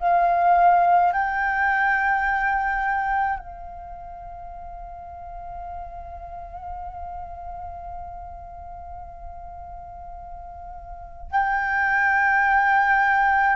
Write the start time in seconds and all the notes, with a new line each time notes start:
0.00 F5
1.13 G5
3.40 F5
11.32 G5